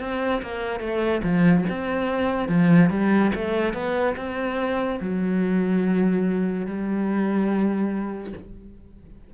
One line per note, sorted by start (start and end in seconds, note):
0.00 0.42 C4
0.42 0.80 A#3
0.80 1.22 A3
1.23 1.65 F3
1.69 2.49 C4
2.49 2.90 F3
2.90 3.32 G3
3.35 3.74 A3
3.74 4.16 B3
4.17 5.00 C4
5.01 6.67 F#3
6.67 8.33 G3